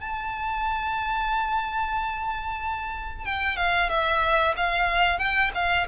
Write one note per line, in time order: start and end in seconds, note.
0.00 3.25 A5
3.25 3.57 G5
3.57 3.89 F5
3.89 4.54 E5
4.56 5.18 F5
5.18 5.51 G5
5.54 5.87 F5